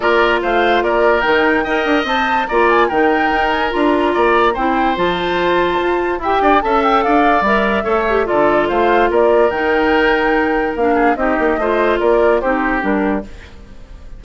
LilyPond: <<
  \new Staff \with { instrumentName = "flute" } { \time 4/4 \tempo 4 = 145 d''4 f''4 d''4 g''4~ | g''4 a''4 ais''8 gis''8 g''4~ | g''8 gis''8 ais''2 g''4 | a''2. g''4 |
a''8 g''8 f''4 e''2 | d''4 f''4 d''4 g''4~ | g''2 f''4 dis''4~ | dis''4 d''4 c''4 ais'4 | }
  \new Staff \with { instrumentName = "oboe" } { \time 4/4 ais'4 c''4 ais'2 | dis''2 d''4 ais'4~ | ais'2 d''4 c''4~ | c''2. e''8 d''8 |
e''4 d''2 cis''4 | a'4 c''4 ais'2~ | ais'2~ ais'8 gis'8 g'4 | c''4 ais'4 g'2 | }
  \new Staff \with { instrumentName = "clarinet" } { \time 4/4 f'2. dis'4 | ais'4 c''4 f'4 dis'4~ | dis'4 f'2 e'4 | f'2. g'4 |
a'2 ais'4 a'8 g'8 | f'2. dis'4~ | dis'2 d'4 dis'4 | f'2 dis'4 d'4 | }
  \new Staff \with { instrumentName = "bassoon" } { \time 4/4 ais4 a4 ais4 dis4 | dis'8 d'8 c'4 ais4 dis4 | dis'4 d'4 ais4 c'4 | f2 f'4 e'8 d'8 |
cis'4 d'4 g4 a4 | d4 a4 ais4 dis4~ | dis2 ais4 c'8 ais8 | a4 ais4 c'4 g4 | }
>>